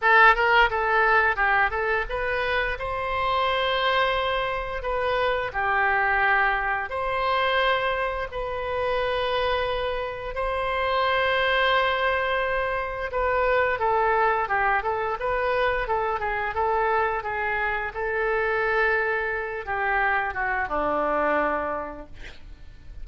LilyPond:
\new Staff \with { instrumentName = "oboe" } { \time 4/4 \tempo 4 = 87 a'8 ais'8 a'4 g'8 a'8 b'4 | c''2. b'4 | g'2 c''2 | b'2. c''4~ |
c''2. b'4 | a'4 g'8 a'8 b'4 a'8 gis'8 | a'4 gis'4 a'2~ | a'8 g'4 fis'8 d'2 | }